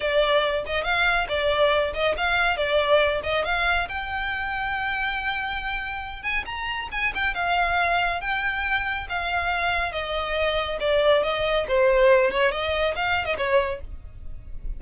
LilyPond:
\new Staff \with { instrumentName = "violin" } { \time 4/4 \tempo 4 = 139 d''4. dis''8 f''4 d''4~ | d''8 dis''8 f''4 d''4. dis''8 | f''4 g''2.~ | g''2~ g''8 gis''8 ais''4 |
gis''8 g''8 f''2 g''4~ | g''4 f''2 dis''4~ | dis''4 d''4 dis''4 c''4~ | c''8 cis''8 dis''4 f''8. dis''16 cis''4 | }